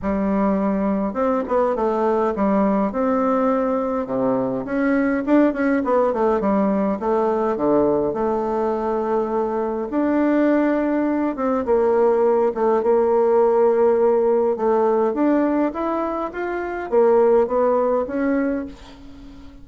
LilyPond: \new Staff \with { instrumentName = "bassoon" } { \time 4/4 \tempo 4 = 103 g2 c'8 b8 a4 | g4 c'2 c4 | cis'4 d'8 cis'8 b8 a8 g4 | a4 d4 a2~ |
a4 d'2~ d'8 c'8 | ais4. a8 ais2~ | ais4 a4 d'4 e'4 | f'4 ais4 b4 cis'4 | }